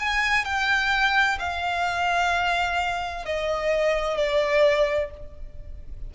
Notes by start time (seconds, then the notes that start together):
0.00 G#5
0.45 G5
1.40 F5
3.26 D#5
4.18 D5